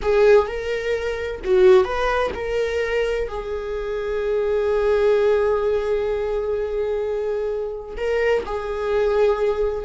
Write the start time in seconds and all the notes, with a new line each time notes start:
0.02 G#4
0.47 A#4
1.44 F#4
1.84 B4
2.34 A#4
3.27 G#4
7.97 A#4
8.45 G#4